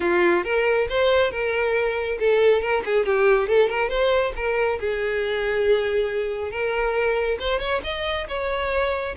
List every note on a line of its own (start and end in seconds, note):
0.00 0.43 F4
0.44 0.87 A#4
0.89 1.31 C5
1.31 2.18 A#4
2.19 2.61 A4
2.61 2.83 A#4
2.85 3.05 G#4
3.05 3.48 G4
3.48 3.69 A4
3.69 3.89 A#4
3.89 4.32 C5
4.35 4.79 A#4
4.80 6.51 G#4
6.51 7.38 A#4
7.39 7.59 C5
7.59 7.81 C#5
7.83 8.27 D#5
8.28 9.15 C#5